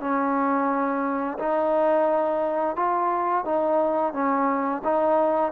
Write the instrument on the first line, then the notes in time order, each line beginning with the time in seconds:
trombone
0.00 C#4
1.39 D#4
2.76 F4
3.45 D#4
4.13 C#4
4.84 D#4